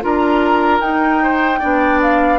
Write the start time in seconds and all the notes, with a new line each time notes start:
0.00 D4 F4 A#4 A#5
0.80 D#4 G5
1.23 C5
1.59 B3 D4 D5
2.02 F5